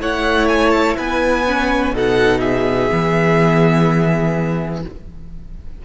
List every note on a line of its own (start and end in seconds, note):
0.00 0.97 A3
0.00 1.47 E4
0.00 0.97 C#5
0.00 0.49 F#5
0.49 0.70 G#5
0.70 0.95 A5
0.97 1.93 B3
0.97 1.94 B4
0.97 1.95 G#5
1.47 1.95 C#4
1.93 2.89 B2
1.93 2.90 D#4
1.93 2.41 A4
1.93 2.40 F#5
2.40 4.82 G#4
2.40 4.82 E5
2.90 4.85 E3
2.90 4.83 B3